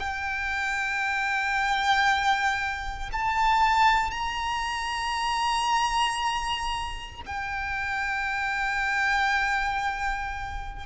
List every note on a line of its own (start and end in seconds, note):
0.00 3.10 G5
3.13 4.11 A5
4.11 7.21 A#5
7.26 10.86 G5